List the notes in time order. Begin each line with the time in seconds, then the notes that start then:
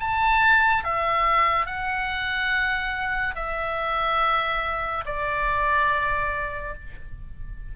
0.00 A5
0.84 E5
1.66 F#5
3.35 E5
5.06 D5